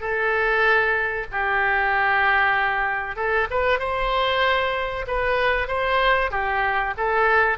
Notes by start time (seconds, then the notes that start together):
0.00 A4
1.31 G4
3.16 A4
3.50 B4
3.79 C5
5.07 B4
5.67 C5
6.31 G4
6.97 A4